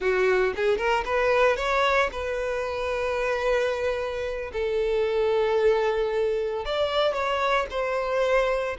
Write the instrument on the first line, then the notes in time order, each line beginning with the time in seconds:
violin
0.00 F#4
0.56 G#4
0.77 A#4
1.05 B4
1.56 C#5
2.12 B4
4.53 A4
6.65 D5
7.13 C#5
7.70 C5